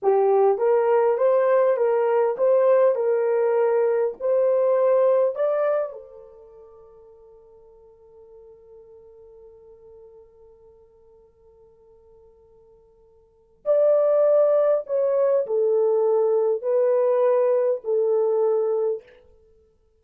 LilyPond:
\new Staff \with { instrumentName = "horn" } { \time 4/4 \tempo 4 = 101 g'4 ais'4 c''4 ais'4 | c''4 ais'2 c''4~ | c''4 d''4 a'2~ | a'1~ |
a'1~ | a'2. d''4~ | d''4 cis''4 a'2 | b'2 a'2 | }